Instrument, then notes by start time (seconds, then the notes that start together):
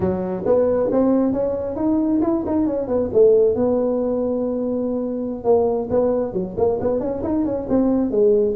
tuba
0.00 F#3
0.45 B3
0.91 C4
1.32 C#4
1.76 D#4
2.21 E4
2.46 D#4
2.66 C#4
2.87 B3
3.13 A3
3.55 B3
5.43 A#3
5.90 B3
6.33 F#3
6.57 A#3
6.80 B3
6.99 C#4
7.22 D#4
7.45 C#4
7.69 C4
8.11 G#3